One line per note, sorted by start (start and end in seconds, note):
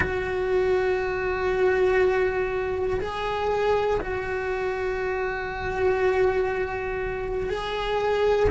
0.00 3.00 F#4
3.00 4.00 G#4
4.00 7.49 F#4
7.49 8.49 G#4